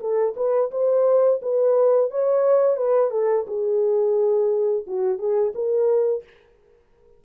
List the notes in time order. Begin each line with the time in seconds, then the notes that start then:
0.00 A4
0.36 B4
0.71 C5
1.42 B4
2.11 C#5
2.77 B4
3.11 A4
3.47 G#4
4.87 F#4
5.18 G#4
5.55 A#4